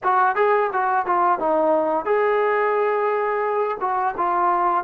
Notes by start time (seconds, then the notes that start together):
0.03 F#4
0.35 G#4
0.72 F#4
1.06 F4
1.39 D#4
2.05 G#4
3.80 F#4
4.17 F4